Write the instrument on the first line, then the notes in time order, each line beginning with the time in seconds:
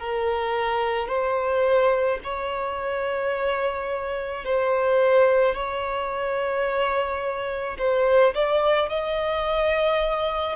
violin
0.00 A#4
1.08 C5
2.24 C#5
4.45 C5
5.55 C#5
7.79 C5
8.34 D5
8.89 D#5